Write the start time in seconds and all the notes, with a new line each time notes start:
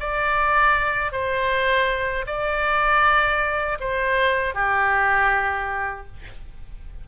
0.00 D5
1.12 C5
2.26 D5
3.80 C5
4.54 G4